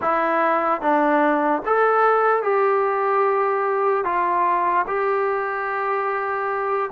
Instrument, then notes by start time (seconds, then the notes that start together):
trombone
0.01 E4
0.81 D4
1.65 A4
2.42 G4
4.04 F4
4.87 G4